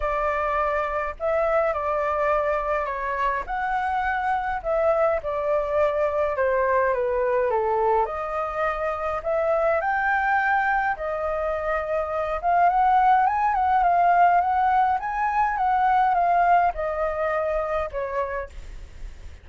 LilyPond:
\new Staff \with { instrumentName = "flute" } { \time 4/4 \tempo 4 = 104 d''2 e''4 d''4~ | d''4 cis''4 fis''2 | e''4 d''2 c''4 | b'4 a'4 dis''2 |
e''4 g''2 dis''4~ | dis''4. f''8 fis''4 gis''8 fis''8 | f''4 fis''4 gis''4 fis''4 | f''4 dis''2 cis''4 | }